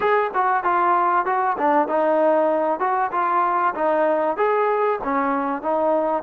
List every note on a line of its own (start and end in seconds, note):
0.00 0.31 G#4
0.34 0.63 F#4
0.63 1.25 F4
1.25 1.57 F#4
1.58 1.88 D4
1.88 2.79 D#4
2.79 3.11 F#4
3.11 3.74 F4
3.74 4.37 D#4
4.37 4.99 G#4
5.03 5.62 C#4
5.62 6.23 D#4